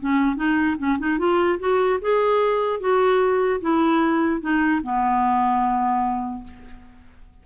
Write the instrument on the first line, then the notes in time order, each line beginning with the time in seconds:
clarinet
0.00 C#4
0.36 D#4
0.78 C#4
0.99 D#4
1.19 F4
1.59 F#4
2.01 G#4
2.80 F#4
3.61 E4
4.41 D#4
4.83 B3